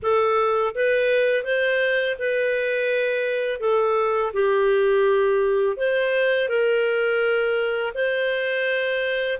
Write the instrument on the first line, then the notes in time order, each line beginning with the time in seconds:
clarinet
0.02 A4
0.74 B4
1.44 C5
2.19 B4
3.60 A4
4.33 G4
5.76 C5
6.48 A#4
7.94 C5